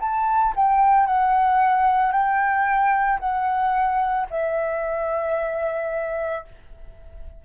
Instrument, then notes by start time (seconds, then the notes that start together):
flute
0.00 A5
0.56 G5
1.06 F#5
2.12 G5
3.19 F#5
4.31 E5